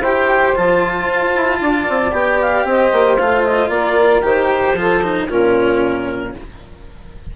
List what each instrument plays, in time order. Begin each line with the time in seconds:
0.00 bassoon E4, cello G4, saxophone C5, clarinet G5
0.56 bassoon F3, cello F4, clarinet A5
1.08 bassoon F4
1.35 bassoon E4
1.61 bassoon D4, saxophone D5
1.89 bassoon C4
2.12 bassoon B3, cello G4, clarinet G5
2.41 clarinet F5
2.64 bassoon C4, saxophone C5, clarinet D#5
2.92 bassoon A#3
3.16 bassoon A3, cello F4, clarinet F5
3.43 clarinet D#5
3.69 bassoon A#3, saxophone A#4, clarinet D5
4.22 bassoon D#3, cello G4, clarinet C5
4.74 bassoon F3, cello F4, saxophone A4
5.03 cello D#4
5.26 bassoon A#2, cello C#4, saxophone F4, clarinet A#4